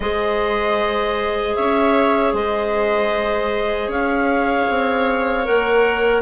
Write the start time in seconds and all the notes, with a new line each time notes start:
0.00 G#3 G#4 C5 D#5
1.55 C#4 C#5 E5
2.33 G#3 C5 D#5
3.87 C#4 C#5 F5
4.69 C4
5.44 A#3 A#4 F#5